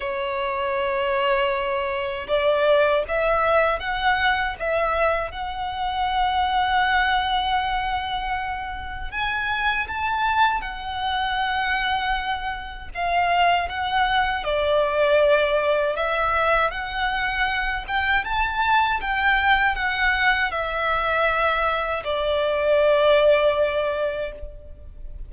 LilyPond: \new Staff \with { instrumentName = "violin" } { \time 4/4 \tempo 4 = 79 cis''2. d''4 | e''4 fis''4 e''4 fis''4~ | fis''1 | gis''4 a''4 fis''2~ |
fis''4 f''4 fis''4 d''4~ | d''4 e''4 fis''4. g''8 | a''4 g''4 fis''4 e''4~ | e''4 d''2. | }